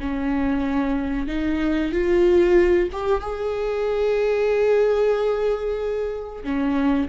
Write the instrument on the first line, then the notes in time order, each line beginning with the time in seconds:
viola
0.00 C#4
1.28 D#4
1.92 F4
2.92 G4
3.21 G#4
6.44 C#4